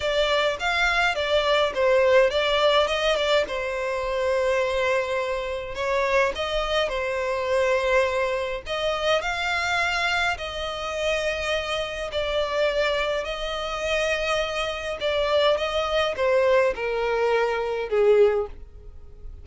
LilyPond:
\new Staff \with { instrumentName = "violin" } { \time 4/4 \tempo 4 = 104 d''4 f''4 d''4 c''4 | d''4 dis''8 d''8 c''2~ | c''2 cis''4 dis''4 | c''2. dis''4 |
f''2 dis''2~ | dis''4 d''2 dis''4~ | dis''2 d''4 dis''4 | c''4 ais'2 gis'4 | }